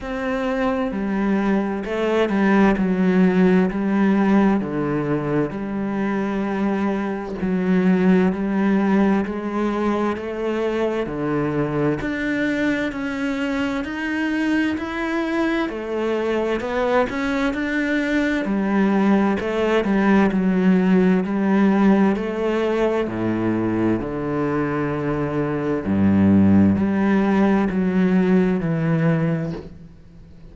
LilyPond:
\new Staff \with { instrumentName = "cello" } { \time 4/4 \tempo 4 = 65 c'4 g4 a8 g8 fis4 | g4 d4 g2 | fis4 g4 gis4 a4 | d4 d'4 cis'4 dis'4 |
e'4 a4 b8 cis'8 d'4 | g4 a8 g8 fis4 g4 | a4 a,4 d2 | g,4 g4 fis4 e4 | }